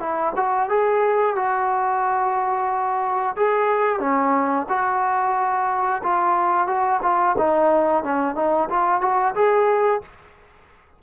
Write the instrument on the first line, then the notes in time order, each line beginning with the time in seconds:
trombone
0.00 E4
0.36 F#4
0.70 G#4
1.36 F#4
3.37 G#4
4.00 C#4
4.69 F#4
6.04 F4
6.67 F#4
7.03 F4
7.38 D#4
8.04 C#4
8.36 D#4
8.70 F4
9.02 F#4
9.35 G#4